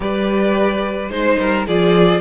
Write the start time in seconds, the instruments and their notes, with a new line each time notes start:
0.00 cello G3, viola G4, violin B4 D5
1.09 cello G#3, viola D#4, violin C5
1.39 cello G3, violin A#4
1.67 cello F3, viola F4, violin G#4 D5